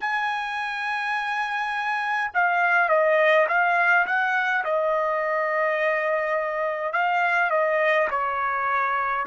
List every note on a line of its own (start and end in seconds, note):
0.00 2.31 G#5
2.34 2.88 F5
2.88 3.46 D#5
3.48 4.05 F5
4.06 4.64 F#5
4.64 6.92 D#5
6.92 7.50 F5
7.50 8.08 D#5
8.10 9.26 C#5